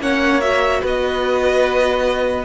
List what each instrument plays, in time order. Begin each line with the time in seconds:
0.00 cello A#3, viola C#4, violin C#5 F#5
0.41 viola F#4, violin E5
0.82 cello B3, violin B4 D#5